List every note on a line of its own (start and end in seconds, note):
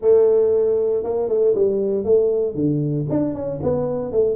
0.01 1.03 A3
1.03 1.28 A#3
1.28 1.54 A3
1.55 2.04 G3
2.04 2.54 A3
2.54 3.06 D3
3.09 3.34 D4
3.34 3.59 C#4
3.62 4.11 B3
4.11 4.35 A3